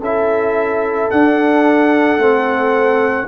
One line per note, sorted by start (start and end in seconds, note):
0.00 1.09 C#4
0.00 1.11 E4
0.00 3.27 A4
0.00 1.10 E5
1.10 2.17 D4
1.10 2.18 D4
1.10 3.28 F#5
2.17 3.27 A3
2.17 3.27 C4